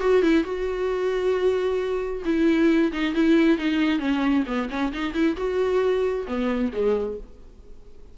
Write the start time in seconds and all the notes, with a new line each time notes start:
0.00 F#4
0.22 E4
0.44 F#4
2.24 E4
2.92 D#4
3.14 E4
3.57 D#4
3.99 C#4
4.46 B3
4.70 C#4
4.92 D#4
5.13 E4
5.36 F#4
6.27 B3
6.72 G#3